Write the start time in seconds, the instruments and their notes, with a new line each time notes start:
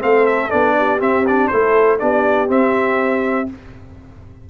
0.00 tuba A3, trombone C4, horn A4, trumpet F5
0.26 trumpet E5
0.50 tuba B3, trombone D4, trumpet D5
0.78 horn G4
0.99 trombone C4, tuba C4, trumpet E5
1.27 trombone D4, trumpet D5
1.48 tuba A3, trombone E4, horn A4, trumpet C5
1.99 tuba B3, trombone D4, horn G4, trumpet D5
2.48 trombone C4, tuba C4, trumpet E5